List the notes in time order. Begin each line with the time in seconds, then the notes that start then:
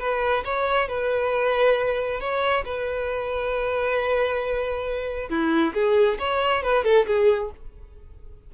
0.00 B4
0.45 C#5
0.89 B4
2.21 C#5
2.66 B4
5.30 E4
5.74 G#4
6.19 C#5
6.63 B4
6.85 A4
7.07 G#4